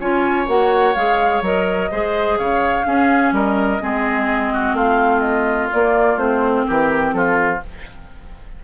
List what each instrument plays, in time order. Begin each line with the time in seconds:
0.00 bassoon C#4, clarinet F4, oboe C#5, flute G#5
0.47 bassoon A#3, clarinet F#4, flute F#5
0.95 bassoon G#3, clarinet G#4, flute F5
1.42 bassoon F#3, clarinet A#4, flute D#5
1.91 bassoon G#3, clarinet G#4, oboe C5
2.38 bassoon C#3, oboe C#5, flute F5
2.84 clarinet C#4, bassoon C#4, oboe G#4
3.32 bassoon G3, oboe A#4, flute D#5
3.81 bassoon G#3, clarinet C4, oboe G#4
4.53 oboe F#4
4.73 bassoon A3, oboe F4, flute F5
5.20 flute D#5
5.72 clarinet A#3, bassoon A#3, flute D5
6.17 bassoon A3, clarinet C4, flute C5
6.67 bassoon E3, oboe G4, flute A#4
7.12 bassoon F3, oboe F4, flute A4